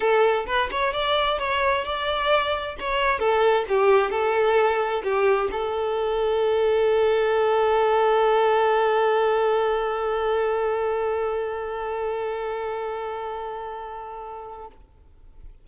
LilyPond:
\new Staff \with { instrumentName = "violin" } { \time 4/4 \tempo 4 = 131 a'4 b'8 cis''8 d''4 cis''4 | d''2 cis''4 a'4 | g'4 a'2 g'4 | a'1~ |
a'1~ | a'1~ | a'1~ | a'1 | }